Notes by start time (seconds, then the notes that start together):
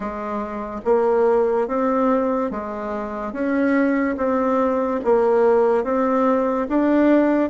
0.00 G#3
0.84 A#3
1.67 C4
2.50 G#3
3.33 C#4
4.17 C4
5.04 A#3
5.84 C4
6.68 D4